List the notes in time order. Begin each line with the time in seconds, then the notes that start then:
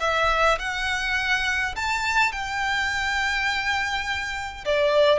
0.00 E5
0.59 F#5
1.76 A5
2.32 G5
4.65 D5